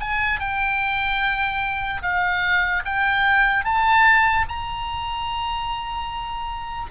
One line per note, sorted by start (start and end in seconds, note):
0.00 0.39 G#5
0.39 2.02 G5
2.02 2.83 F5
2.85 3.64 G5
3.64 4.46 A5
4.48 6.90 A#5